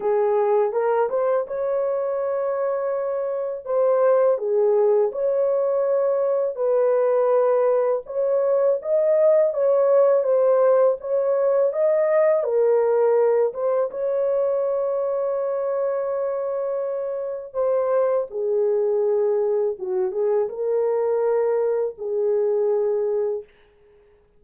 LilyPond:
\new Staff \with { instrumentName = "horn" } { \time 4/4 \tempo 4 = 82 gis'4 ais'8 c''8 cis''2~ | cis''4 c''4 gis'4 cis''4~ | cis''4 b'2 cis''4 | dis''4 cis''4 c''4 cis''4 |
dis''4 ais'4. c''8 cis''4~ | cis''1 | c''4 gis'2 fis'8 gis'8 | ais'2 gis'2 | }